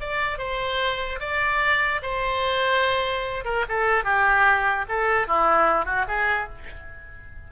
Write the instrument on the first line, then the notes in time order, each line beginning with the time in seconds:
oboe
0.00 D5
0.38 C5
1.20 D5
2.02 C5
3.44 A#4
3.69 A4
4.04 G4
4.89 A4
5.27 E4
5.85 F#4
6.08 G#4